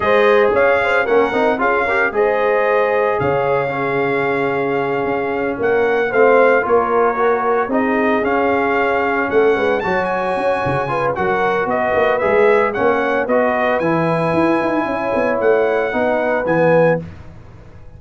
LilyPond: <<
  \new Staff \with { instrumentName = "trumpet" } { \time 4/4 \tempo 4 = 113 dis''4 f''4 fis''4 f''4 | dis''2 f''2~ | f''2~ f''8 fis''4 f''8~ | f''8 cis''2 dis''4 f''8~ |
f''4. fis''4 a''8 gis''4~ | gis''4 fis''4 dis''4 e''4 | fis''4 dis''4 gis''2~ | gis''4 fis''2 gis''4 | }
  \new Staff \with { instrumentName = "horn" } { \time 4/4 c''4 cis''8 c''8 ais'4 gis'8 ais'8 | c''2 cis''4 gis'4~ | gis'2~ gis'8 ais'4 c''8~ | c''8 ais'2 gis'4.~ |
gis'4. a'8 b'8 cis''4.~ | cis''8 b'8 ais'4 b'2 | cis''4 b'2. | cis''2 b'2 | }
  \new Staff \with { instrumentName = "trombone" } { \time 4/4 gis'2 cis'8 dis'8 f'8 g'8 | gis'2. cis'4~ | cis'2.~ cis'8 c'8~ | c'8 f'4 fis'4 dis'4 cis'8~ |
cis'2~ cis'8 fis'4.~ | fis'8 f'8 fis'2 gis'4 | cis'4 fis'4 e'2~ | e'2 dis'4 b4 | }
  \new Staff \with { instrumentName = "tuba" } { \time 4/4 gis4 cis'4 ais8 c'8 cis'4 | gis2 cis2~ | cis4. cis'4 ais4 a8~ | a8 ais2 c'4 cis'8~ |
cis'4. a8 gis8 fis4 cis'8 | cis4 fis4 b8 ais8 gis4 | ais4 b4 e4 e'8 dis'8 | cis'8 b8 a4 b4 e4 | }
>>